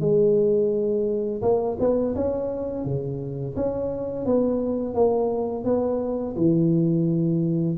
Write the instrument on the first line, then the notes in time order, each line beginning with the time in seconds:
tuba
0.00 G#3
1.41 A#3
1.79 B3
2.15 C#4
2.84 C#3
3.56 C#4
4.25 B3
4.94 A#3
5.64 B3
6.36 E3